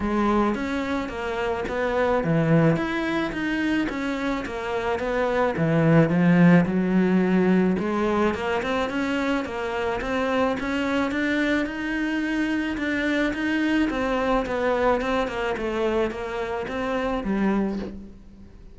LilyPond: \new Staff \with { instrumentName = "cello" } { \time 4/4 \tempo 4 = 108 gis4 cis'4 ais4 b4 | e4 e'4 dis'4 cis'4 | ais4 b4 e4 f4 | fis2 gis4 ais8 c'8 |
cis'4 ais4 c'4 cis'4 | d'4 dis'2 d'4 | dis'4 c'4 b4 c'8 ais8 | a4 ais4 c'4 g4 | }